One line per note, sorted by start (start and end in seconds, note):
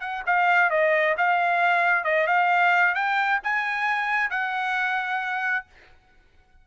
0.00 0.23 F#5
0.26 0.70 F5
0.70 1.15 D#5
1.17 2.04 F5
2.04 2.27 D#5
2.27 2.94 F5
2.94 3.40 G5
3.43 4.30 G#5
4.30 5.66 F#5